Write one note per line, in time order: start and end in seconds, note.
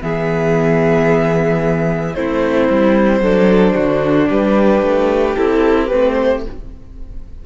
0.00 2.16 E3
0.00 2.14 B3
0.00 2.16 G#4
0.00 2.14 E5
2.14 2.69 A3
2.14 3.23 C4
2.14 3.23 E4
2.14 4.29 C5
2.70 3.20 G3
3.20 3.74 F#3
3.20 5.36 D4
3.20 3.75 A4
3.75 4.29 D3
3.75 4.28 F#4
4.30 4.83 G3
4.30 6.44 G4
4.30 5.35 B4
4.83 5.36 A3
5.35 5.92 C4
5.35 5.90 E4
5.35 5.88 A4
5.88 6.46 A3
5.88 6.44 C4
5.88 6.13 B4
6.13 6.40 C5